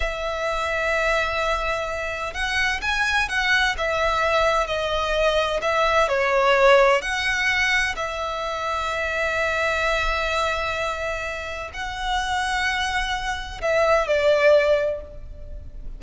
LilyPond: \new Staff \with { instrumentName = "violin" } { \time 4/4 \tempo 4 = 128 e''1~ | e''4 fis''4 gis''4 fis''4 | e''2 dis''2 | e''4 cis''2 fis''4~ |
fis''4 e''2.~ | e''1~ | e''4 fis''2.~ | fis''4 e''4 d''2 | }